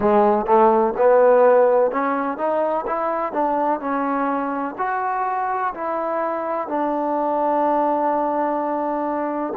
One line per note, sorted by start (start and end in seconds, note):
0.00 0.45 G#3
0.45 0.93 A3
0.97 1.90 B3
1.90 2.37 C#4
2.37 2.85 D#4
2.87 3.32 E4
3.32 3.80 D4
3.80 4.75 C#4
4.78 5.73 F#4
5.74 6.68 E4
6.68 9.53 D4